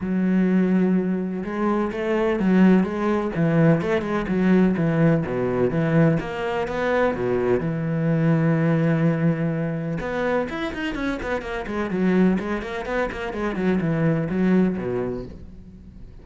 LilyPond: \new Staff \with { instrumentName = "cello" } { \time 4/4 \tempo 4 = 126 fis2. gis4 | a4 fis4 gis4 e4 | a8 gis8 fis4 e4 b,4 | e4 ais4 b4 b,4 |
e1~ | e4 b4 e'8 dis'8 cis'8 b8 | ais8 gis8 fis4 gis8 ais8 b8 ais8 | gis8 fis8 e4 fis4 b,4 | }